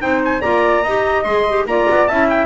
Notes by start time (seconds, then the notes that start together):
0.00 C4 D#4 C5 G5
0.25 G#5
0.41 A#3 F4 D5 A#5
0.83 D#4 G4 D#5
1.24 G#3 G#4 C6
1.49 G4
1.66 A#3 F4 D5 A#5
1.90 B3
2.08 C#4 E4 E5 A5
2.29 G5